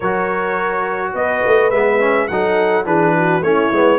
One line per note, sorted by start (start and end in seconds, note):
0.00 1.13 F#3
0.00 1.72 F#4
0.00 1.13 A#4
0.00 1.13 C#5
1.13 1.42 B3
1.13 2.31 B4
1.13 1.70 D#5
1.46 1.71 A3
1.70 2.28 G#3
1.70 1.99 B3
1.70 2.27 E5
1.99 2.28 C#4
2.27 2.85 F#3
2.27 2.85 D#4
2.27 2.85 A4
2.27 2.84 F#5
2.85 3.41 E3
2.85 3.42 D4
2.85 3.14 G#4
2.85 3.42 B4
3.15 3.44 F#4
3.41 3.69 A3
3.41 3.72 C#4
3.41 3.99 E4
3.41 3.99 C#5
3.71 3.99 G#3
3.71 3.99 B3